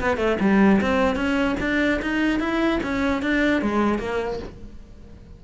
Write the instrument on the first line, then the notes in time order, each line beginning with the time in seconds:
cello
0.00 B3
0.17 A3
0.40 G3
0.81 C4
1.16 C#4
1.60 D4
2.02 D#4
2.40 E4
2.83 C#4
3.22 D4
3.62 G#3
3.99 A#3